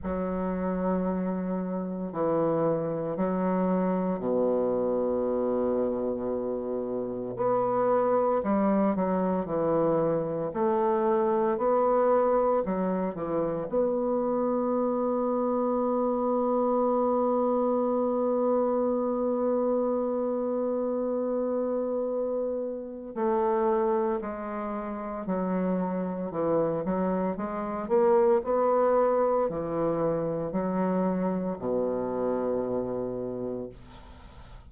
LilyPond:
\new Staff \with { instrumentName = "bassoon" } { \time 4/4 \tempo 4 = 57 fis2 e4 fis4 | b,2. b4 | g8 fis8 e4 a4 b4 | fis8 e8 b2.~ |
b1~ | b2 a4 gis4 | fis4 e8 fis8 gis8 ais8 b4 | e4 fis4 b,2 | }